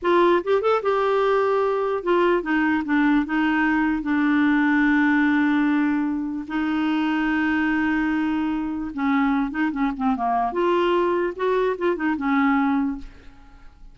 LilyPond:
\new Staff \with { instrumentName = "clarinet" } { \time 4/4 \tempo 4 = 148 f'4 g'8 a'8 g'2~ | g'4 f'4 dis'4 d'4 | dis'2 d'2~ | d'1 |
dis'1~ | dis'2 cis'4. dis'8 | cis'8 c'8 ais4 f'2 | fis'4 f'8 dis'8 cis'2 | }